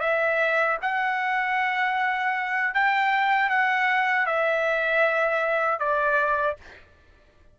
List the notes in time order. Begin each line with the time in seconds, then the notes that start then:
0.00 E5
0.81 F#5
2.74 G5
3.49 F#5
4.26 E5
5.79 D5